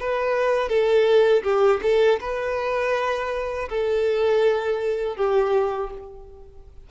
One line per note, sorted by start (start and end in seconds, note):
0.00 0.69 B4
0.69 1.43 A4
1.43 1.80 G4
1.82 2.20 A4
2.20 3.68 B4
3.69 5.16 A4
5.16 5.90 G4